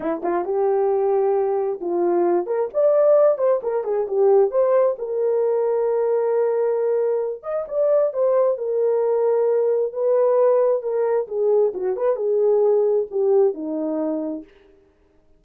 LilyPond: \new Staff \with { instrumentName = "horn" } { \time 4/4 \tempo 4 = 133 e'8 f'8 g'2. | f'4. ais'8 d''4. c''8 | ais'8 gis'8 g'4 c''4 ais'4~ | ais'1~ |
ais'8 dis''8 d''4 c''4 ais'4~ | ais'2 b'2 | ais'4 gis'4 fis'8 b'8 gis'4~ | gis'4 g'4 dis'2 | }